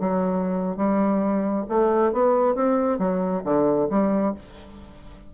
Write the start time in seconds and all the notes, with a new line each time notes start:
0.00 F#3
0.77 G3
1.69 A3
2.13 B3
2.55 C4
2.99 F#3
3.45 D3
3.90 G3